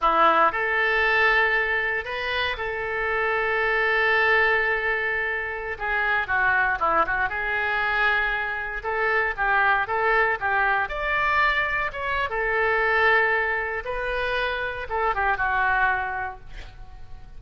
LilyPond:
\new Staff \with { instrumentName = "oboe" } { \time 4/4 \tempo 4 = 117 e'4 a'2. | b'4 a'2.~ | a'2.~ a'16 gis'8.~ | gis'16 fis'4 e'8 fis'8 gis'4.~ gis'16~ |
gis'4~ gis'16 a'4 g'4 a'8.~ | a'16 g'4 d''2 cis''8. | a'2. b'4~ | b'4 a'8 g'8 fis'2 | }